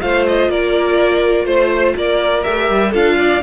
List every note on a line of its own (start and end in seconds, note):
0.00 0.49 A3
0.00 2.44 F4
0.00 0.51 C5
0.00 0.26 F5
0.27 0.51 D#5
0.49 1.45 A#3
0.49 1.45 A#4
0.49 1.46 D5
1.45 1.94 A3
1.45 1.94 C5
1.45 1.95 C5
1.96 2.45 A#3
1.96 2.90 A#4
1.96 2.43 D5
2.43 2.70 A3
2.43 2.93 G4
2.43 2.92 E5
2.70 2.94 G3
2.90 3.43 D4
2.90 3.42 F4
2.90 3.15 A4
2.90 3.43 F5
3.18 3.43 D5